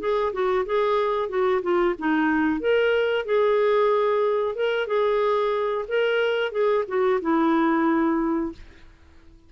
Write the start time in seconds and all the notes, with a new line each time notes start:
0.00 G#4
0.33 F#4
0.66 G#4
1.29 F#4
1.62 F4
1.99 D#4
2.60 A#4
3.25 G#4
4.56 A#4
4.87 G#4
5.88 A#4
6.52 G#4
6.88 F#4
7.22 E4